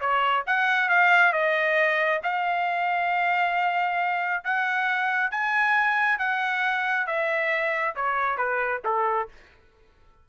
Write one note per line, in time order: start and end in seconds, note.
0.00 0.44 C#5
0.47 0.89 F#5
0.89 1.32 F5
1.32 2.21 D#5
2.23 4.44 F5
4.44 5.31 F#5
5.31 6.18 G#5
6.18 7.06 F#5
7.06 7.95 E5
7.96 8.37 C#5
8.37 8.81 B4
8.84 9.28 A4